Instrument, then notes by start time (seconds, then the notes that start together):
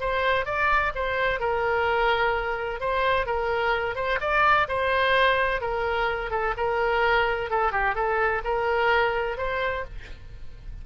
oboe
0.00 C5
0.45 D5
0.95 C5
1.40 A#4
2.80 C5
3.26 A#4
3.95 C5
4.21 D5
4.68 C5
5.61 A#4
6.30 A4
6.57 A#4
7.50 A4
7.72 G4
7.95 A4
8.44 A#4
9.37 C5